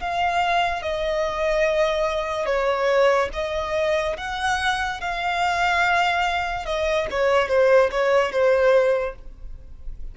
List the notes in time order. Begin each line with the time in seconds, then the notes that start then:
0.00 F5
0.82 D#5
2.45 C#5
3.33 D#5
4.17 F#5
5.00 F5
6.66 D#5
7.11 C#5
7.48 C5
7.91 C#5
8.32 C5